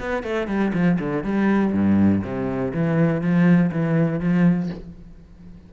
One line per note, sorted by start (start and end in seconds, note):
0.00 0.23 B3
0.23 0.48 A3
0.48 0.73 G3
0.73 0.98 F3
1.00 1.24 D3
1.24 1.73 G3
1.73 2.22 G2
2.23 2.73 C3
2.74 3.22 E3
3.22 3.71 F3
3.72 4.20 E3
4.20 4.69 F3